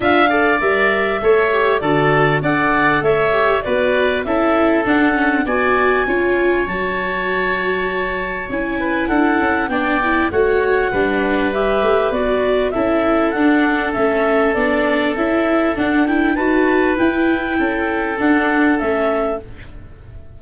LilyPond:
<<
  \new Staff \with { instrumentName = "clarinet" } { \time 4/4 \tempo 4 = 99 f''4 e''2 d''4 | fis''4 e''4 d''4 e''4 | fis''4 gis''2 a''4~ | a''2 gis''4 fis''4 |
g''4 fis''2 e''4 | d''4 e''4 fis''4 e''4 | d''4 e''4 fis''8 g''8 a''4 | g''2 fis''4 e''4 | }
  \new Staff \with { instrumentName = "oboe" } { \time 4/4 e''8 d''4. cis''4 a'4 | d''4 cis''4 b'4 a'4~ | a'4 d''4 cis''2~ | cis''2~ cis''8 b'8 a'4 |
d''4 cis''4 b'2~ | b'4 a'2.~ | a'2. b'4~ | b'4 a'2. | }
  \new Staff \with { instrumentName = "viola" } { \time 4/4 f'8 a'8 ais'4 a'8 g'8 fis'4 | a'4. g'8 fis'4 e'4 | d'8 cis'8 fis'4 f'4 fis'4~ | fis'2 e'2 |
d'8 e'8 fis'4 d'4 g'4 | fis'4 e'4 d'4 cis'4 | d'4 e'4 d'8 e'8 fis'4 | e'2 d'4 cis'4 | }
  \new Staff \with { instrumentName = "tuba" } { \time 4/4 d'4 g4 a4 d4 | d'4 a4 b4 cis'4 | d'4 b4 cis'4 fis4~ | fis2 cis'4 d'8 cis'8 |
b4 a4 g4. a8 | b4 cis'4 d'4 a4 | b4 cis'4 d'4 dis'4 | e'4 cis'4 d'4 a4 | }
>>